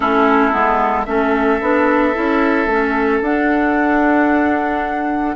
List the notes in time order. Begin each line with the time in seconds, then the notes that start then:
0.00 A3 C#4 E4 A4
0.52 G#3 B3
1.05 A3 C#4 A4 E5
1.61 B3 D4
2.14 C#4 E4
2.66 A3 C#4
3.21 D4 F#5